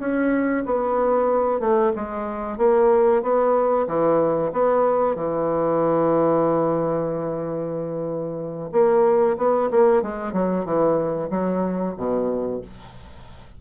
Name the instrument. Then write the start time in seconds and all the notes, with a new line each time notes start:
bassoon
0.00 C#4
0.66 B3
1.60 A3
1.96 G#3
2.58 A#3
3.23 B3
3.87 E3
4.53 B3
5.16 E3
8.72 A#3
9.38 B3
9.71 A#3
10.03 G#3
10.33 F#3
10.66 E3
11.30 F#3
11.97 B2